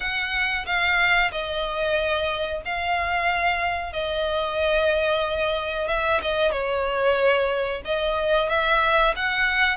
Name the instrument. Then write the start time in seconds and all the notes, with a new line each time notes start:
violin
0.00 F#5
0.66 F5
1.31 D#5
2.65 F5
3.92 D#5
5.88 E5
6.22 D#5
6.51 C#5
7.84 D#5
8.49 E5
9.15 F#5